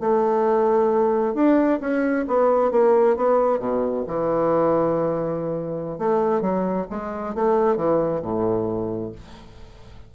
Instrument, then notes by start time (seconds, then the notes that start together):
bassoon
0.00 A3
1.34 D4
1.80 C#4
2.27 B3
2.71 A#3
3.16 B3
3.59 B2
4.07 E3
5.98 A3
6.41 F#3
6.90 G#3
7.35 A3
7.77 E3
8.22 A2